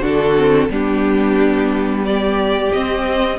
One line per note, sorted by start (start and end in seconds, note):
0.00 0.68 D3
0.00 0.35 D4
0.00 0.67 F#4
0.00 0.72 A4
0.37 0.70 C4
0.69 2.71 G3
0.69 2.72 B3
0.69 2.05 D4
0.69 2.05 G4
2.05 3.38 G4
2.05 2.72 D5
2.72 3.38 C4
2.72 3.38 D#5